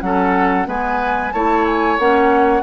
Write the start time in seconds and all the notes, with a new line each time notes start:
0.00 F#3 C#4 A4 F#5
0.64 G#3 B3 B4 G#5
1.32 A3 E4 C#5 A5
1.65 G#5
1.99 A#3 C#4 F#5